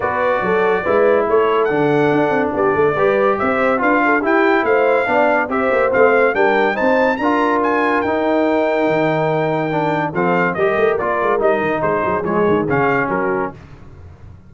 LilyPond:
<<
  \new Staff \with { instrumentName = "trumpet" } { \time 4/4 \tempo 4 = 142 d''2. cis''4 | fis''2 d''2 | e''4 f''4 g''4 f''4~ | f''4 e''4 f''4 g''4 |
a''4 ais''4 gis''4 g''4~ | g''1 | f''4 dis''4 d''4 dis''4 | c''4 cis''4 f''4 ais'4 | }
  \new Staff \with { instrumentName = "horn" } { \time 4/4 b'4 a'4 b'4 a'4~ | a'2 g'8 a'8 b'4 | c''4 b'8 a'8 g'4 c''4 | d''4 c''2 ais'4 |
c''4 ais'2.~ | ais'1 | a'4 ais'2. | gis'2. fis'4 | }
  \new Staff \with { instrumentName = "trombone" } { \time 4/4 fis'2 e'2 | d'2. g'4~ | g'4 f'4 e'2 | d'4 g'4 c'4 d'4 |
dis'4 f'2 dis'4~ | dis'2. d'4 | c'4 g'4 f'4 dis'4~ | dis'4 gis4 cis'2 | }
  \new Staff \with { instrumentName = "tuba" } { \time 4/4 b4 fis4 gis4 a4 | d4 d'8 c'8 b8 a8 g4 | c'4 d'4 e'4 a4 | b4 c'8 ais8 a4 g4 |
c'4 d'2 dis'4~ | dis'4 dis2. | f4 g8 a8 ais8 gis8 g8 dis8 | gis8 fis8 f8 dis8 cis4 fis4 | }
>>